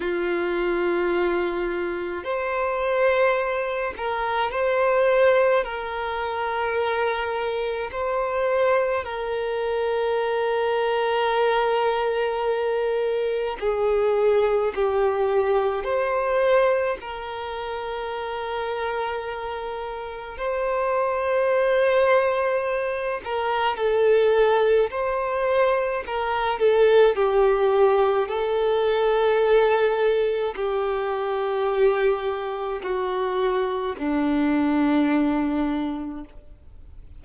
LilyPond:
\new Staff \with { instrumentName = "violin" } { \time 4/4 \tempo 4 = 53 f'2 c''4. ais'8 | c''4 ais'2 c''4 | ais'1 | gis'4 g'4 c''4 ais'4~ |
ais'2 c''2~ | c''8 ais'8 a'4 c''4 ais'8 a'8 | g'4 a'2 g'4~ | g'4 fis'4 d'2 | }